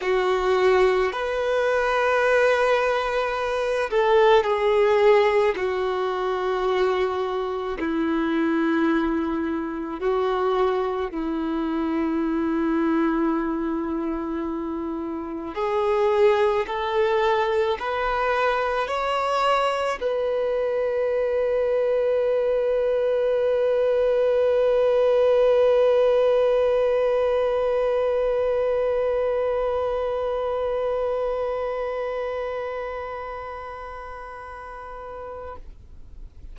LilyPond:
\new Staff \with { instrumentName = "violin" } { \time 4/4 \tempo 4 = 54 fis'4 b'2~ b'8 a'8 | gis'4 fis'2 e'4~ | e'4 fis'4 e'2~ | e'2 gis'4 a'4 |
b'4 cis''4 b'2~ | b'1~ | b'1~ | b'1 | }